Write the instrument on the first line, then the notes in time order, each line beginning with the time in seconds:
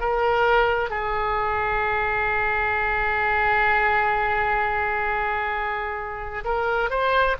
oboe
0.00 A#4
0.90 G#4
6.45 A#4
6.90 C5